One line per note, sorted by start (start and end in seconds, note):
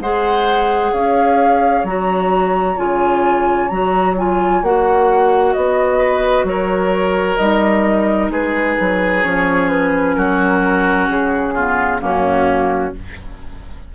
0.00 0.92 G#3
0.00 1.87 G#4
0.00 0.92 C5
0.00 0.93 F#5
0.92 1.84 C#4
0.92 5.98 C#5
0.92 1.86 F5
1.84 2.76 F#3
1.84 2.77 F#4
1.84 2.78 A#5
2.77 3.70 C#3
2.77 3.69 F4
2.77 3.68 G#5
3.68 4.62 F#3
3.68 4.17 F#4
3.68 4.15 A#5
4.17 4.63 F4
4.17 4.64 G#5
4.62 5.55 A#3
4.62 7.39 F#4
4.62 5.53 F#5
5.53 6.44 B3
5.53 6.45 D#5
5.98 6.44 B4
6.44 7.36 F#3
6.44 8.32 A#4
6.44 7.37 C#5
7.37 8.30 G3
7.37 9.23 D#4
7.37 8.29 D#5
8.30 8.76 G#3
8.30 10.16 G#4
8.30 9.23 B4
8.80 9.25 F#3
9.23 10.17 F3
9.23 11.54 C#4
9.23 9.68 C#5
9.68 10.15 B4
10.15 11.08 F#3
10.15 11.54 F#4
10.15 11.07 A#4
11.08 12.01 C#3
11.08 12.00 G#4
11.54 11.99 B3
11.54 12.01 F4
11.99 12.94 F#2
11.99 12.91 A#3
11.99 12.95 C#4
11.99 12.94 F#4